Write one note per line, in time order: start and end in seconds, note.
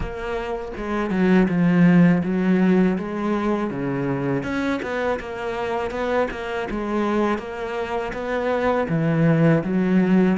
0.00 0.71 A#3
0.76 1.10 G#3
1.10 1.47 F#3
1.48 2.22 F3
2.23 2.97 F#3
2.98 3.70 G#3
3.70 4.43 C#3
4.43 4.80 C#4
4.82 5.19 B3
5.19 5.90 A#3
5.90 6.27 B3
6.30 6.67 A#3
6.70 7.38 G#3
7.38 8.12 A#3
8.13 8.87 B3
8.89 9.63 E3
9.63 10.37 F#3